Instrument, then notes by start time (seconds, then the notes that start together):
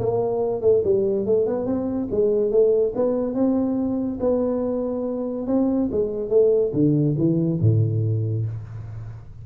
tuba
0.00 A#3
0.62 A3
0.85 G3
1.26 A3
1.47 B3
1.66 C4
2.11 G#3
2.51 A3
2.96 B3
3.35 C4
4.21 B3
5.48 C4
5.92 G#3
6.30 A3
6.74 D3
7.18 E3
7.62 A2